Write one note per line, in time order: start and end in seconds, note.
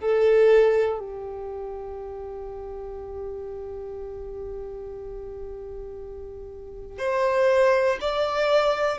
0.00 0.99 A4
0.99 6.98 G4
6.98 7.98 C5
8.00 8.98 D5